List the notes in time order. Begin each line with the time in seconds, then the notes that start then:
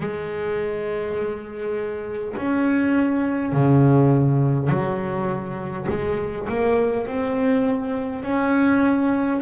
0.00 G#3
2.37 C#4
3.53 C#3
4.70 F#3
5.89 G#3
6.49 A#3
7.07 C4
8.24 C#4